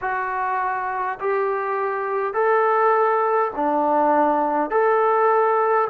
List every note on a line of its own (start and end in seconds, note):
0.01 1.18 F#4
1.20 2.33 G4
2.33 3.51 A4
3.55 4.70 D4
4.70 5.88 A4